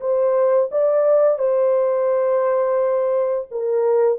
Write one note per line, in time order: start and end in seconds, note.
0.00 0.70 C5
0.71 1.39 D5
1.39 3.48 C5
3.51 4.19 A#4